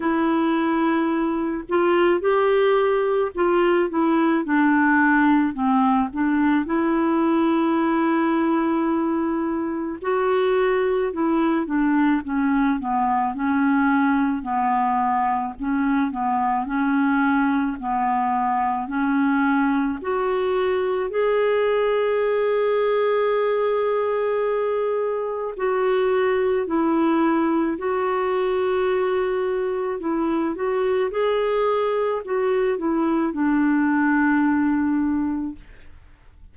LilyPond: \new Staff \with { instrumentName = "clarinet" } { \time 4/4 \tempo 4 = 54 e'4. f'8 g'4 f'8 e'8 | d'4 c'8 d'8 e'2~ | e'4 fis'4 e'8 d'8 cis'8 b8 | cis'4 b4 cis'8 b8 cis'4 |
b4 cis'4 fis'4 gis'4~ | gis'2. fis'4 | e'4 fis'2 e'8 fis'8 | gis'4 fis'8 e'8 d'2 | }